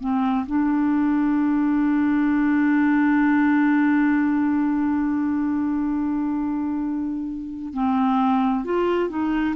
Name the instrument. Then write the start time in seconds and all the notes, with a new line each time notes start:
clarinet
0.00 C4
0.46 D4
7.74 C4
8.64 F4
9.10 D#4